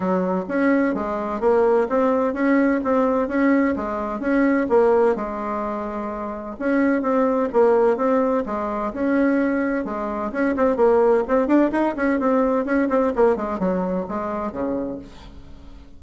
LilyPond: \new Staff \with { instrumentName = "bassoon" } { \time 4/4 \tempo 4 = 128 fis4 cis'4 gis4 ais4 | c'4 cis'4 c'4 cis'4 | gis4 cis'4 ais4 gis4~ | gis2 cis'4 c'4 |
ais4 c'4 gis4 cis'4~ | cis'4 gis4 cis'8 c'8 ais4 | c'8 d'8 dis'8 cis'8 c'4 cis'8 c'8 | ais8 gis8 fis4 gis4 cis4 | }